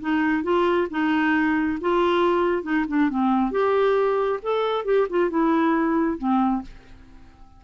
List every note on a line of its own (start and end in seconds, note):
0.00 0.43 D#4
0.43 0.87 F4
0.90 1.78 D#4
1.80 2.62 F4
2.62 2.85 D#4
2.88 3.09 D4
3.09 3.51 C4
3.51 4.39 G4
4.42 4.84 A4
4.84 5.07 G4
5.09 5.30 F4
5.30 6.17 E4
6.17 6.62 C4